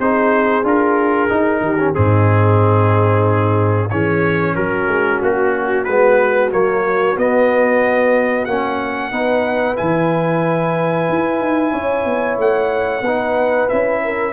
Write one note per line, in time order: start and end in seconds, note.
0.00 0.64 C4
0.00 0.64 D#4
0.00 1.63 G#4
0.00 0.66 C5
0.64 1.30 D4
0.64 1.29 F4
0.64 1.95 A#4
1.29 1.78 D#4
1.29 1.61 D#4
1.61 1.94 D#3
1.61 1.96 G4
1.79 1.94 C#4
1.94 3.91 G#2
1.94 3.90 C4
1.94 3.91 D#4
1.94 3.90 G#4
3.90 4.57 E3
3.90 5.86 C#4
3.90 4.56 G#4
3.90 4.56 C#5
4.56 4.88 F#3
4.56 9.12 F#4
4.56 5.21 A#4
4.88 5.21 G#3
5.22 5.87 A#3
5.22 5.85 F#4
5.85 6.53 G#3
5.85 6.51 B3
5.85 6.50 B4
6.51 7.18 F#3
6.51 7.17 A#3
6.51 7.18 C#5
7.18 8.47 B3
7.18 8.48 B3
7.18 8.46 D#5
8.46 9.12 A#3
8.46 9.12 C#4
8.46 9.76 F#5
9.12 9.78 B3
9.12 9.76 D#4
9.12 11.73 B4
9.76 11.09 E3
9.76 13.03 E4
9.76 12.38 G#5
11.09 11.40 E4
11.40 11.73 D#4
11.73 12.06 C#4
11.73 13.03 C#5
12.06 12.38 B3
12.38 13.02 A3
12.38 13.70 F#5
13.02 13.67 B3
13.02 13.70 D#4
13.02 14.03 B4
13.70 14.34 C#4
13.70 14.34 E4
13.70 14.34 E5
14.05 14.34 A#4